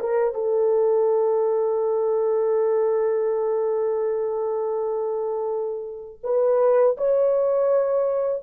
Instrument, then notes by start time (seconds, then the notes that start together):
horn
0.00 A#4
0.34 A4
6.23 B4
6.98 C#5